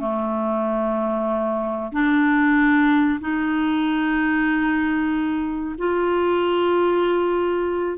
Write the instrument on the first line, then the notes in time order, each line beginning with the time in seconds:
clarinet
0.00 A3
1.92 D4
3.20 D#4
5.78 F4